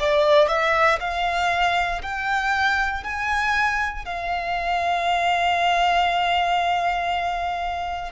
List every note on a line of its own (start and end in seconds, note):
0.00 0.49 D5
0.49 0.99 E5
1.01 2.02 F5
2.03 3.04 G5
3.04 4.06 G#5
4.06 8.13 F5